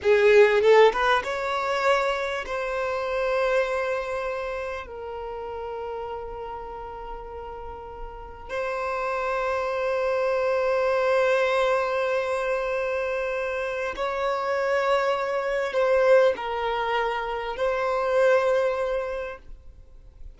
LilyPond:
\new Staff \with { instrumentName = "violin" } { \time 4/4 \tempo 4 = 99 gis'4 a'8 b'8 cis''2 | c''1 | ais'1~ | ais'2 c''2~ |
c''1~ | c''2. cis''4~ | cis''2 c''4 ais'4~ | ais'4 c''2. | }